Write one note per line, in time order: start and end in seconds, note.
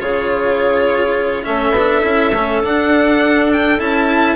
0.00 1.46 C#3
0.00 1.44 F4
0.00 1.45 G#4
0.00 1.44 C#5
1.44 1.71 A3
1.44 1.73 C#4
1.44 4.35 A4
1.44 2.61 E5
1.71 2.00 B3
1.78 2.02 D4
2.02 2.32 C#4
2.02 2.31 E4
2.32 2.62 A3
2.32 2.63 C#4
2.63 3.79 D4
2.63 3.52 F#5
3.53 3.80 G5
3.79 4.35 C#4
3.79 4.35 E4
3.79 4.35 A5